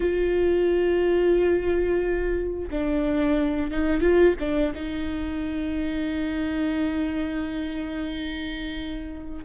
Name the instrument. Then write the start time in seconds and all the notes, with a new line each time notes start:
viola
0.00 F4
2.70 D4
3.71 D#4
4.01 F4
4.39 D4
4.74 D#4